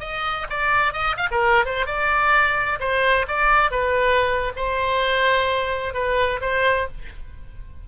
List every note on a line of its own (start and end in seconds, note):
0.00 0.47 D#5
0.50 0.93 D5
0.93 1.16 D#5
1.17 1.29 F5
1.31 1.66 A#4
1.66 1.86 C5
1.86 2.79 D5
2.80 3.26 C5
3.28 3.71 D5
3.71 4.52 B4
4.56 5.94 C5
5.94 6.40 B4
6.41 6.88 C5